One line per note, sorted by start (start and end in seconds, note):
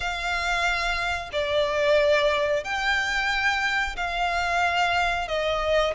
0.00 1.29 F5
1.32 2.64 D5
2.64 3.96 G5
3.96 5.27 F5
5.27 5.93 D#5